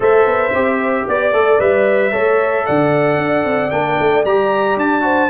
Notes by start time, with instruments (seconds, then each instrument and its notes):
0.00 tuba A3, trombone A4, horn C5, trumpet E5
0.26 tuba B3
0.52 tuba C4, trombone G4
1.07 tuba B3, trumpet D5, horn D5
1.32 tuba A3, trombone A4
1.59 tuba G3, trombone B4, trumpet E5
2.11 tuba A3, trombone A4, horn C#5
2.65 tuba D3, horn D5, trumpet F#5
3.17 tuba D4
3.44 tuba C4
3.70 tuba A#3, trombone D4, trumpet G5
3.99 tuba A3
4.24 tuba G3, trombone G4, trumpet A#5
4.76 tuba D4, trumpet A5
5.01 trombone F#4, horn C5